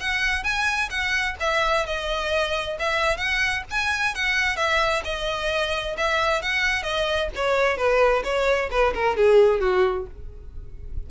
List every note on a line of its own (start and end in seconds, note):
0.00 0.43 F#5
0.43 0.89 G#5
0.90 1.36 F#5
1.40 1.86 E5
1.86 2.77 D#5
2.79 3.17 E5
3.17 3.63 F#5
3.70 4.15 G#5
4.15 4.56 F#5
4.56 5.02 E5
5.04 5.96 D#5
5.97 6.42 E5
6.42 6.83 F#5
6.83 7.28 D#5
7.36 7.77 C#5
7.77 8.23 B4
8.24 8.70 C#5
8.70 8.93 B4
8.94 9.16 A#4
9.16 9.60 G#4
9.60 10.06 F#4